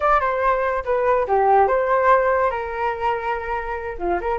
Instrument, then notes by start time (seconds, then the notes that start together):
flute
0.00 D5
0.20 C5
0.84 B4
1.27 G4
1.67 C5
2.50 A#4
3.98 F4
4.20 A#4